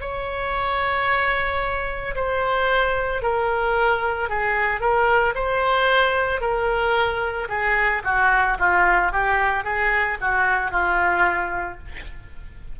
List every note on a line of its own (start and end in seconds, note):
0.00 2.14 C#5
2.15 3.21 C5
3.21 4.29 A#4
4.29 4.80 G#4
4.80 5.33 A#4
5.34 6.40 C5
6.40 7.48 A#4
7.49 8.02 G#4
8.04 8.57 F#4
8.59 9.12 F4
9.12 9.64 G4
9.64 10.17 G#4
10.20 10.71 F#4
10.71 11.78 F4